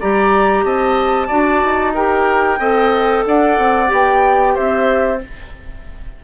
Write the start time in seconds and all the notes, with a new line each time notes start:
0.00 G3 G4 D5 A#5
0.64 C4 D#5 A5
1.27 D4 F#4 D5
1.63 D#4
1.94 G4 A#4 G5
2.59 C4 A4 D#5
3.26 D4 D5 F#5
3.58 C4
3.87 B3 G4 G5
4.54 C4 C5 E5